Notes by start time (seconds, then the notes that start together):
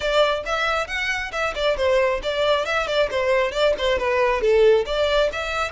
0.00 D5
0.45 E5
0.87 F#5
1.32 E5
1.55 D5
1.76 C5
2.23 D5
2.65 E5
2.87 D5
3.10 C5
3.51 D5
3.77 C5
3.98 B4
4.41 A4
4.85 D5
5.32 E5